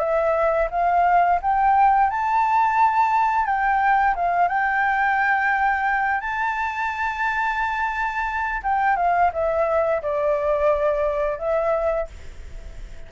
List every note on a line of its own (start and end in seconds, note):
0.00 0.69 E5
0.71 1.40 F5
1.42 2.11 G5
2.11 3.46 A5
3.46 4.15 G5
4.16 4.49 F5
4.49 6.21 G5
6.21 8.62 A5
8.64 8.97 G5
8.97 9.31 F5
9.34 10.03 E5
10.03 11.39 D5
11.39 12.08 E5